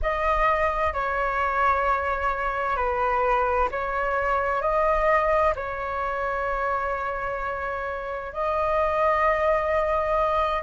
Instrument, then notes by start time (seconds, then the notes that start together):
flute
0.02 D#5
0.93 C#5
2.76 B4
3.71 C#5
4.61 D#5
5.56 C#5
8.32 D#5